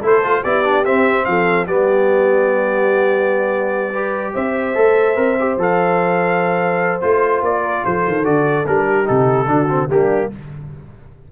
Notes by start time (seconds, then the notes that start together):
0.00 A3 E4 A4 C5
0.23 F4
0.43 B3 E4 G4 D5
0.64 D4
0.85 C4 E5
1.25 F3 A4 F5
1.67 G3 B3 G4 D5
3.91 G4 B4
4.34 C4 C5 E5
4.75 A3 A4
5.16 C4 A#4
5.40 G4
5.57 F3 A4 F5
7.01 A3 F4 C5
7.42 A#3 D5
7.62 A#4
7.84 F3 A4 C5
8.07 D#3
8.24 D3 F#4 D5
8.67 G3 D4 A#4
8.86 G4
9.05 C3 D#4 A4
9.47 D3 D4 F#4
9.69 C4
9.89 G3 A#3 D4 G4